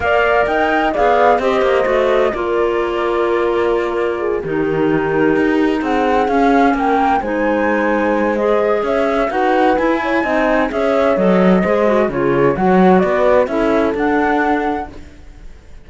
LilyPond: <<
  \new Staff \with { instrumentName = "flute" } { \time 4/4 \tempo 4 = 129 f''4 g''4 f''4 dis''4~ | dis''4 d''2.~ | d''4. ais'2~ ais'8~ | ais'8 fis''4 f''4 g''4 gis''8~ |
gis''2 dis''4 e''4 | fis''4 gis''2 e''4 | dis''2 cis''4 fis''4 | d''4 e''4 fis''2 | }
  \new Staff \with { instrumentName = "horn" } { \time 4/4 d''4 dis''4 d''4 c''4~ | c''4 ais'2.~ | ais'4 gis'8 g'2~ g'8~ | g'8 gis'2 ais'4 c''8~ |
c''2. cis''4 | b'4. cis''8 dis''4 cis''4~ | cis''4 c''4 gis'4 cis''4 | b'4 a'2. | }
  \new Staff \with { instrumentName = "clarinet" } { \time 4/4 ais'2 gis'4 g'4 | fis'4 f'2.~ | f'4. dis'2~ dis'8~ | dis'4. cis'2 dis'8~ |
dis'2 gis'2 | fis'4 e'4 dis'4 gis'4 | a'4 gis'8 fis'8 f'4 fis'4~ | fis'4 e'4 d'2 | }
  \new Staff \with { instrumentName = "cello" } { \time 4/4 ais4 dis'4 b4 c'8 ais8 | a4 ais2.~ | ais4. dis2 dis'8~ | dis'8 c'4 cis'4 ais4 gis8~ |
gis2. cis'4 | dis'4 e'4 c'4 cis'4 | fis4 gis4 cis4 fis4 | b4 cis'4 d'2 | }
>>